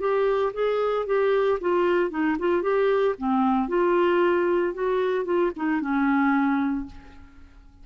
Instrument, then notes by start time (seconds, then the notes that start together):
clarinet
0.00 G4
0.54 G#4
1.06 G4
1.61 F4
2.11 D#4
2.39 F4
2.62 G4
3.18 C4
3.68 F4
4.74 F#4
5.25 F4
5.56 D#4
5.81 C#4